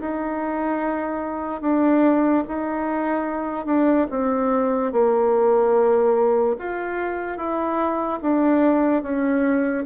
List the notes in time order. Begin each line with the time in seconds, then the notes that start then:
0.00 D#4
1.61 D4
2.48 D#4
3.66 D4
4.10 C4
4.92 A#3
6.58 F4
7.37 E4
8.22 D4
9.02 C#4